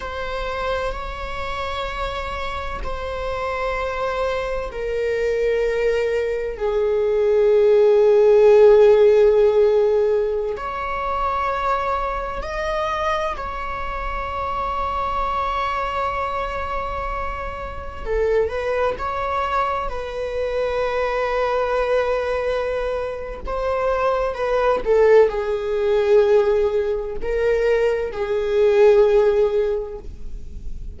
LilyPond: \new Staff \with { instrumentName = "viola" } { \time 4/4 \tempo 4 = 64 c''4 cis''2 c''4~ | c''4 ais'2 gis'4~ | gis'2.~ gis'16 cis''8.~ | cis''4~ cis''16 dis''4 cis''4.~ cis''16~ |
cis''2.~ cis''16 a'8 b'16~ | b'16 cis''4 b'2~ b'8.~ | b'4 c''4 b'8 a'8 gis'4~ | gis'4 ais'4 gis'2 | }